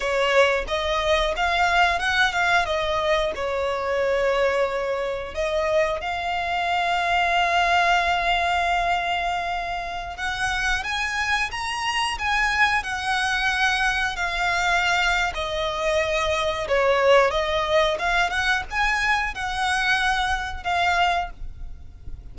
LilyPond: \new Staff \with { instrumentName = "violin" } { \time 4/4 \tempo 4 = 90 cis''4 dis''4 f''4 fis''8 f''8 | dis''4 cis''2. | dis''4 f''2.~ | f''2.~ f''16 fis''8.~ |
fis''16 gis''4 ais''4 gis''4 fis''8.~ | fis''4~ fis''16 f''4.~ f''16 dis''4~ | dis''4 cis''4 dis''4 f''8 fis''8 | gis''4 fis''2 f''4 | }